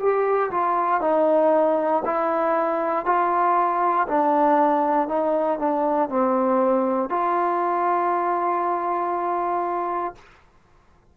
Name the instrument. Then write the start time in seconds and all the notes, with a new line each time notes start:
trombone
0.00 G4
0.51 F4
1.01 D#4
2.06 E4
3.06 F4
4.08 D4
5.08 D#4
5.59 D4
6.10 C4
7.10 F4